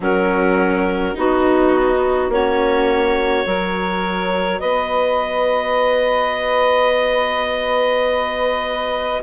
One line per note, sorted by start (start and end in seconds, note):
0.00 1.15 F#3
0.00 1.14 C#4
0.00 1.15 F#4
0.00 1.17 A#4
1.14 2.28 B3
1.14 2.29 D#4
1.14 2.31 D#4
1.14 2.32 F#4
2.28 3.44 A#3
2.28 3.46 C#4
2.28 3.46 F#4
2.28 4.60 C#5
3.46 4.61 F#3
3.46 9.23 F#4
3.46 4.59 A#4
4.59 9.23 B3
4.59 9.21 B4
4.59 9.21 D#5